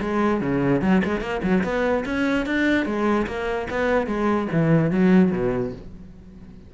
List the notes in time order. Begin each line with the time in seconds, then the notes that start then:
0.00 G#3
0.41 C#3
0.81 F#3
1.04 G#3
1.21 A#3
1.43 F#3
1.64 B3
2.05 C#4
2.46 D4
2.86 G#3
3.27 A#3
3.70 B3
4.07 G#3
4.52 E3
4.91 F#3
5.32 B2